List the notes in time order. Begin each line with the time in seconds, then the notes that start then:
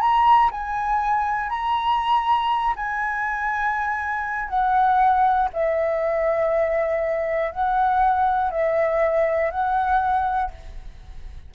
0.00 A#5
0.51 G#5
1.49 A#5
2.75 G#5
4.48 F#5
5.53 E5
7.51 F#5
8.50 E5
9.50 F#5